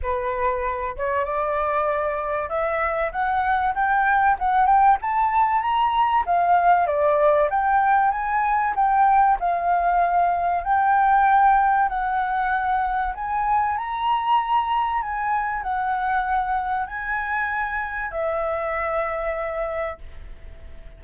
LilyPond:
\new Staff \with { instrumentName = "flute" } { \time 4/4 \tempo 4 = 96 b'4. cis''8 d''2 | e''4 fis''4 g''4 fis''8 g''8 | a''4 ais''4 f''4 d''4 | g''4 gis''4 g''4 f''4~ |
f''4 g''2 fis''4~ | fis''4 gis''4 ais''2 | gis''4 fis''2 gis''4~ | gis''4 e''2. | }